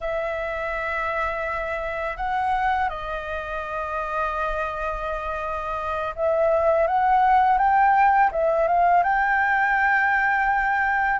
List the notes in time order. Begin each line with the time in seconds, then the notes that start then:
0.00 E5
2.17 F#5
2.89 D#5
6.15 E5
6.87 F#5
7.58 G5
8.31 E5
8.67 F5
9.03 G5